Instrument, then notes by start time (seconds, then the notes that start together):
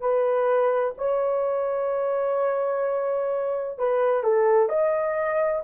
horn
0.00 B4
0.98 C#5
3.78 B4
4.23 A4
4.69 D#5